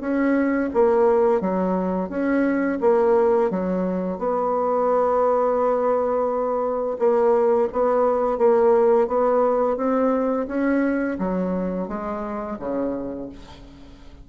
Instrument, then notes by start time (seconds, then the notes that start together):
bassoon
0.00 C#4
0.74 A#3
1.40 F#3
2.09 C#4
2.81 A#3
3.50 F#3
4.18 B3
6.99 A#3
7.72 B3
8.38 A#3
9.08 B3
9.77 C4
10.48 C#4
11.19 F#3
11.88 G#3
12.59 C#3